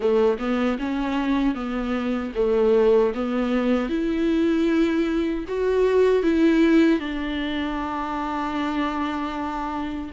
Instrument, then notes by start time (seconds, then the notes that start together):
viola
0.00 A3
0.39 B3
0.78 C#4
1.54 B3
2.35 A3
3.14 B3
3.89 E4
5.48 F#4
6.22 E4
6.99 D4